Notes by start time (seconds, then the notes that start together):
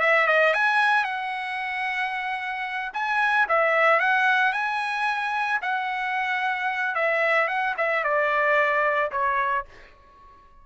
0.00 E5
0.27 D#5
0.54 G#5
1.04 F#5
2.93 G#5
3.48 E5
4.00 F#5
4.52 G#5
5.62 F#5
6.95 E5
7.48 F#5
7.77 E5
8.04 D5
9.11 C#5